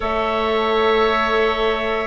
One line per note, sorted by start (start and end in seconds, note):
0.00 2.06 A3
0.00 2.06 A4
0.00 2.06 C#5
0.00 2.06 E5